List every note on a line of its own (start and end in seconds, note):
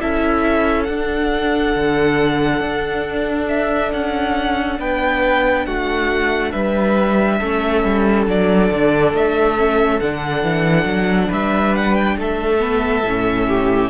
0.00 0.89 C#4
0.00 0.87 E4
0.00 4.80 A4
0.00 0.84 E5
0.84 1.76 D4
0.84 7.41 D4
0.84 3.45 F#5
1.76 2.61 D3
2.61 3.91 D4
3.49 3.92 E5
3.93 4.80 C#4
3.93 4.80 F#5
4.80 5.66 B3
4.80 5.67 B4
4.80 5.66 G5
5.66 6.53 A3
5.66 6.53 F#4
5.66 6.52 F#5
6.52 7.41 G3
6.52 7.39 B4
6.52 8.26 E5
7.39 7.84 A3
7.39 8.28 C#4
7.39 11.29 A4
7.84 8.27 G3
8.27 8.71 F#3
8.27 9.57 D4
8.27 9.15 D5
8.72 9.14 D3
9.14 10.01 A3
9.14 10.01 E5
9.57 10.01 C#4
10.01 10.43 D3
10.01 12.60 D4
10.01 11.31 F#5
10.43 10.85 E3
10.85 11.29 F#3
11.29 12.18 G3
11.29 12.16 B4
11.29 11.76 E5
11.76 11.95 F#5
11.95 12.17 G5
12.18 13.04 A3
12.18 13.48 A4
12.18 13.90 E5
12.60 13.03 B3
13.04 13.90 A2
13.04 13.90 C#4
13.48 13.90 G4